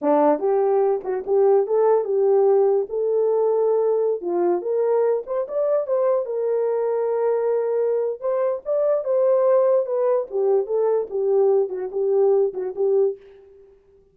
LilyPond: \new Staff \with { instrumentName = "horn" } { \time 4/4 \tempo 4 = 146 d'4 g'4. fis'8 g'4 | a'4 g'2 a'4~ | a'2~ a'16 f'4 ais'8.~ | ais'8. c''8 d''4 c''4 ais'8.~ |
ais'1 | c''4 d''4 c''2 | b'4 g'4 a'4 g'4~ | g'8 fis'8 g'4. fis'8 g'4 | }